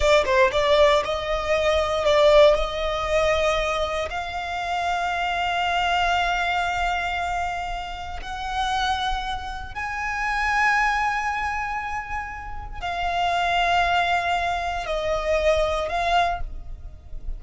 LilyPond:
\new Staff \with { instrumentName = "violin" } { \time 4/4 \tempo 4 = 117 d''8 c''8 d''4 dis''2 | d''4 dis''2. | f''1~ | f''1 |
fis''2. gis''4~ | gis''1~ | gis''4 f''2.~ | f''4 dis''2 f''4 | }